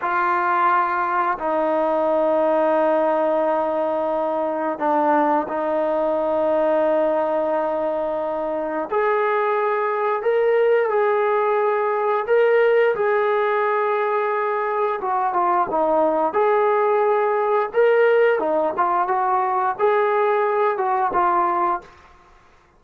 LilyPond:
\new Staff \with { instrumentName = "trombone" } { \time 4/4 \tempo 4 = 88 f'2 dis'2~ | dis'2. d'4 | dis'1~ | dis'4 gis'2 ais'4 |
gis'2 ais'4 gis'4~ | gis'2 fis'8 f'8 dis'4 | gis'2 ais'4 dis'8 f'8 | fis'4 gis'4. fis'8 f'4 | }